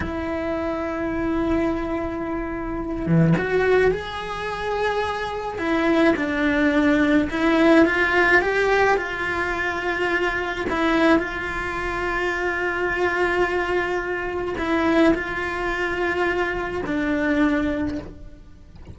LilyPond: \new Staff \with { instrumentName = "cello" } { \time 4/4 \tempo 4 = 107 e'1~ | e'4. e8 fis'4 gis'4~ | gis'2 e'4 d'4~ | d'4 e'4 f'4 g'4 |
f'2. e'4 | f'1~ | f'2 e'4 f'4~ | f'2 d'2 | }